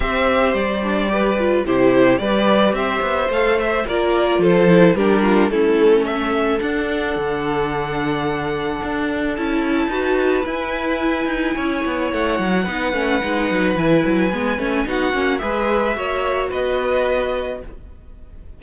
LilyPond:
<<
  \new Staff \with { instrumentName = "violin" } { \time 4/4 \tempo 4 = 109 e''4 d''2 c''4 | d''4 e''4 f''8 e''8 d''4 | c''4 ais'4 a'4 e''4 | fis''1~ |
fis''4 a''2 gis''4~ | gis''2 fis''2~ | fis''4 gis''2 fis''4 | e''2 dis''2 | }
  \new Staff \with { instrumentName = "violin" } { \time 4/4 c''2 b'4 g'4 | b'4 c''2 ais'4 | a'4 g'8 f'8 e'4 a'4~ | a'1~ |
a'2 b'2~ | b'4 cis''2 b'4~ | b'2. fis'4 | b'4 cis''4 b'2 | }
  \new Staff \with { instrumentName = "viola" } { \time 4/4 g'4. d'8 g'8 f'8 e'4 | g'2 a'8 c''8 f'4~ | f'8 e'8 d'4 cis'2 | d'1~ |
d'4 e'4 fis'4 e'4~ | e'2. dis'8 cis'8 | dis'4 e'4 b8 cis'8 dis'8 cis'8 | gis'4 fis'2. | }
  \new Staff \with { instrumentName = "cello" } { \time 4/4 c'4 g2 c4 | g4 c'8 b8 a4 ais4 | f4 g4 a2 | d'4 d2. |
d'4 cis'4 dis'4 e'4~ | e'8 dis'8 cis'8 b8 a8 fis8 b8 a8 | gis8 fis8 e8 fis8 gis8 a8 b8 ais8 | gis4 ais4 b2 | }
>>